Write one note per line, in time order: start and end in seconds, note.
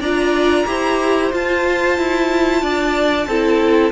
0.00 0.65 D4
0.00 0.67 F4
0.00 0.65 D5
0.00 1.32 A#5
0.67 1.32 E4
0.67 1.32 G4
0.67 2.62 C5
1.32 3.27 F4
1.32 1.98 F4
1.32 3.92 A5
1.98 2.62 E4
2.62 3.26 D4
2.62 3.27 D5
3.26 3.92 C4
3.26 3.92 E4
3.26 3.92 A4